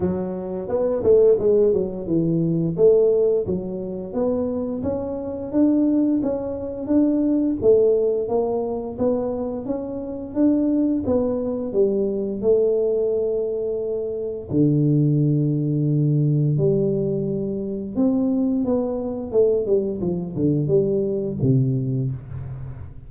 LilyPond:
\new Staff \with { instrumentName = "tuba" } { \time 4/4 \tempo 4 = 87 fis4 b8 a8 gis8 fis8 e4 | a4 fis4 b4 cis'4 | d'4 cis'4 d'4 a4 | ais4 b4 cis'4 d'4 |
b4 g4 a2~ | a4 d2. | g2 c'4 b4 | a8 g8 f8 d8 g4 c4 | }